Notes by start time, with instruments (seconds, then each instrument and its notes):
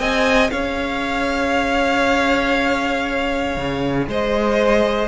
0.00 cello C4, viola G#4, violin D#5 G#5
0.51 cello C#4, violin C#5 F5
3.57 cello C#3
4.08 cello G#3, violin C5 D#5